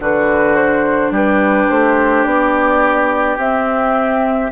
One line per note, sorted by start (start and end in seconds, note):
0.00 1.11 D3
0.00 3.38 D4
0.00 1.12 F#4
0.00 0.56 B4
0.56 1.12 C5
1.11 1.67 G3
1.11 4.52 G4
1.11 1.70 B4
1.70 2.25 A3
1.70 2.24 C5
2.24 3.37 B3
2.24 3.37 D5
3.37 4.51 C4
3.37 4.52 E5